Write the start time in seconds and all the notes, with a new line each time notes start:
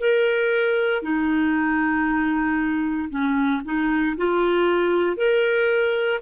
0.00 A#4
1.03 D#4
3.10 C#4
3.65 D#4
4.17 F4
5.17 A#4